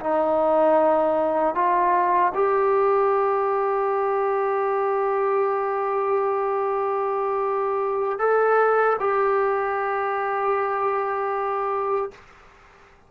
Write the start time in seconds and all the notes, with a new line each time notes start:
0.00 D#4
1.55 F4
2.34 G4
8.19 A4
8.99 G4